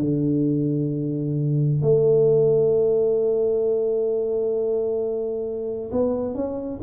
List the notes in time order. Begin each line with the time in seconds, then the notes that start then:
0.00 D3
1.82 A3
5.91 B3
6.35 C#4